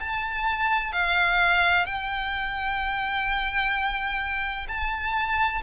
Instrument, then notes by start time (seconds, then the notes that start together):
violin
0.00 A5
0.92 F5
1.86 G5
4.68 A5